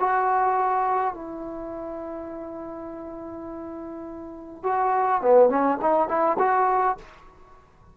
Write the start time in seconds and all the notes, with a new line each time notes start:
0.00 F#4
1.14 E4
4.64 F#4
5.22 B3
5.49 C#4
5.82 D#4
6.09 E4
6.39 F#4